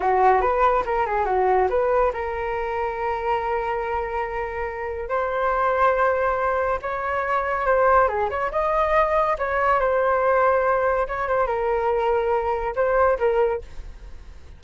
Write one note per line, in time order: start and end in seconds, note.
0.00 0.41 F#4
0.41 0.83 B4
0.85 1.05 A#4
1.05 1.25 G#4
1.25 1.68 F#4
1.69 2.12 B4
2.13 5.09 A#4
5.09 6.79 C5
6.81 7.66 C#5
7.66 8.08 C5
8.08 8.29 G#4
8.30 8.51 C#5
8.51 9.36 D#5
9.38 9.79 C#5
9.79 11.07 C5
11.07 11.28 C#5
11.28 11.46 C5
11.46 12.74 A#4
12.75 13.18 C5
13.19 13.61 A#4